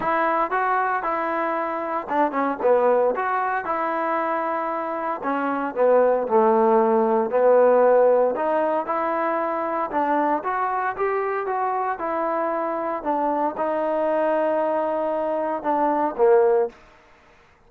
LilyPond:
\new Staff \with { instrumentName = "trombone" } { \time 4/4 \tempo 4 = 115 e'4 fis'4 e'2 | d'8 cis'8 b4 fis'4 e'4~ | e'2 cis'4 b4 | a2 b2 |
dis'4 e'2 d'4 | fis'4 g'4 fis'4 e'4~ | e'4 d'4 dis'2~ | dis'2 d'4 ais4 | }